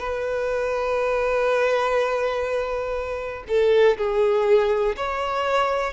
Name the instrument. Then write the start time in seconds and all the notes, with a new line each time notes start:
violin
0.00 B4
3.48 A4
3.98 G#4
4.97 C#5